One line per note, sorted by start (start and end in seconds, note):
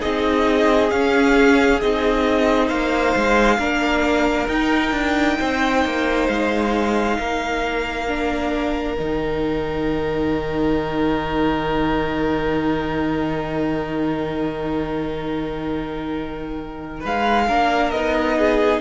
0.00 0.92 C4
0.00 0.90 D#4
0.00 2.68 G#4
0.00 0.91 D#5
0.91 1.82 C#4
0.91 1.80 F5
1.81 2.71 C4
1.81 3.60 D#4
1.81 2.69 D#5
2.68 3.16 A#3
2.68 3.57 C5
2.68 4.48 F5
3.16 3.59 G#3
3.59 4.48 A#3
3.59 4.49 D4
3.59 5.38 A#4
4.48 4.91 D#4
4.48 8.07 D#4
4.48 6.27 G5
4.91 5.36 D4
5.39 5.85 C4
5.39 7.18 C5
5.85 6.29 A#3
6.28 7.18 G#3
6.28 8.96 F5
7.19 8.99 A#3
7.19 17.00 A#4
8.08 8.97 D4
8.96 17.05 D#3
8.96 17.49 D#4
8.96 17.01 G5
17.00 17.49 G#3
17.00 17.45 B4
17.06 17.91 F5
17.48 17.92 A#3
17.48 17.94 D4
17.48 18.37 A#4
17.91 18.81 B3
17.91 18.81 D#4
17.91 18.80 D#5
18.38 18.81 G#4